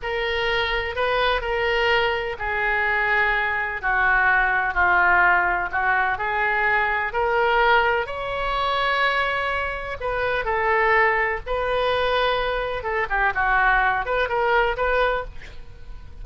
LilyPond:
\new Staff \with { instrumentName = "oboe" } { \time 4/4 \tempo 4 = 126 ais'2 b'4 ais'4~ | ais'4 gis'2. | fis'2 f'2 | fis'4 gis'2 ais'4~ |
ais'4 cis''2.~ | cis''4 b'4 a'2 | b'2. a'8 g'8 | fis'4. b'8 ais'4 b'4 | }